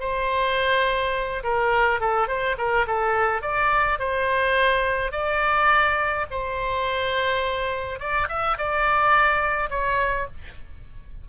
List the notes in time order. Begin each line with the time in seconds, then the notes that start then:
0.00 C5
1.43 A#4
2.01 A4
2.28 C5
2.58 A#4
2.87 A4
3.42 D5
3.99 C5
5.12 D5
6.31 C5
7.99 D5
8.29 E5
8.58 D5
9.70 C#5